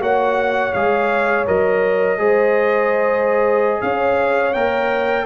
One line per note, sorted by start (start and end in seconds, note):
0.00 0.72 A#3
0.00 0.73 F#4
0.00 2.19 C#5
0.00 0.73 F#5
0.73 1.47 G#3
0.73 1.46 G#4
0.73 1.45 F5
1.46 2.18 F#3
1.46 2.17 A#4
1.46 3.81 D#5
2.17 3.81 G#3
2.17 4.52 G#4
2.17 3.82 C5
3.81 4.55 C#4
3.81 5.26 C#5
3.81 4.53 F5
4.53 5.26 A#3
4.53 5.26 A#4
4.53 5.26 G5